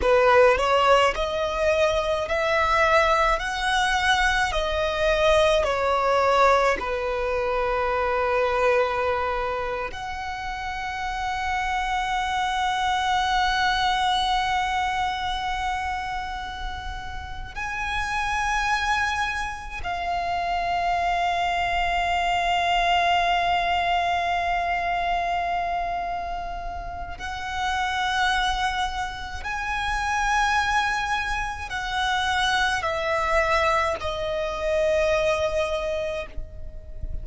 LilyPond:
\new Staff \with { instrumentName = "violin" } { \time 4/4 \tempo 4 = 53 b'8 cis''8 dis''4 e''4 fis''4 | dis''4 cis''4 b'2~ | b'8. fis''2.~ fis''16~ | fis''2.~ fis''8 gis''8~ |
gis''4. f''2~ f''8~ | f''1 | fis''2 gis''2 | fis''4 e''4 dis''2 | }